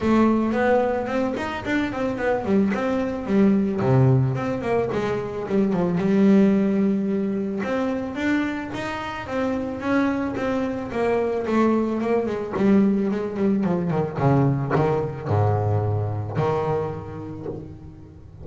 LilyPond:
\new Staff \with { instrumentName = "double bass" } { \time 4/4 \tempo 4 = 110 a4 b4 c'8 dis'8 d'8 c'8 | b8 g8 c'4 g4 c4 | c'8 ais8 gis4 g8 f8 g4~ | g2 c'4 d'4 |
dis'4 c'4 cis'4 c'4 | ais4 a4 ais8 gis8 g4 | gis8 g8 f8 dis8 cis4 dis4 | gis,2 dis2 | }